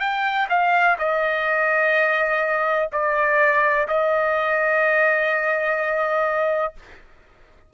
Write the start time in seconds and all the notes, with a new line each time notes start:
0.00 G5
0.50 F5
0.99 D#5
2.93 D5
3.88 D#5